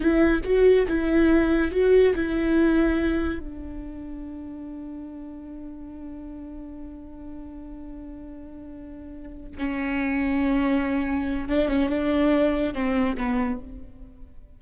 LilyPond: \new Staff \with { instrumentName = "viola" } { \time 4/4 \tempo 4 = 141 e'4 fis'4 e'2 | fis'4 e'2. | d'1~ | d'1~ |
d'1~ | d'2~ d'8 cis'4.~ | cis'2. d'8 cis'8 | d'2 c'4 b4 | }